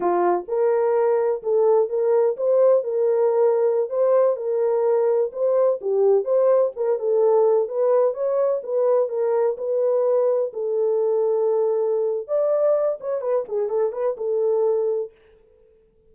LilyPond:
\new Staff \with { instrumentName = "horn" } { \time 4/4 \tempo 4 = 127 f'4 ais'2 a'4 | ais'4 c''4 ais'2~ | ais'16 c''4 ais'2 c''8.~ | c''16 g'4 c''4 ais'8 a'4~ a'16~ |
a'16 b'4 cis''4 b'4 ais'8.~ | ais'16 b'2 a'4.~ a'16~ | a'2 d''4. cis''8 | b'8 gis'8 a'8 b'8 a'2 | }